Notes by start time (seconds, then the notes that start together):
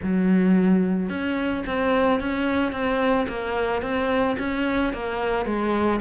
0.02 F#3
1.09 C#4
1.66 C4
2.20 C#4
2.71 C4
3.28 A#3
3.82 C4
4.39 C#4
4.93 A#3
5.45 G#3